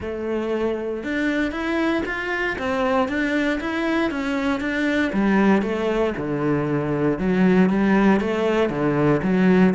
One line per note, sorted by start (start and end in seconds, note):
0.00 1.03 A3
1.03 1.51 D4
1.51 2.03 E4
2.05 2.56 F4
2.58 3.08 C4
3.08 3.59 D4
3.60 4.10 E4
4.10 4.60 C#4
4.60 5.11 D4
5.12 5.62 G3
5.62 6.13 A3
6.17 7.18 D3
7.18 7.69 F#3
7.69 8.20 G3
8.20 8.69 A3
8.69 9.21 D3
9.22 9.74 F#3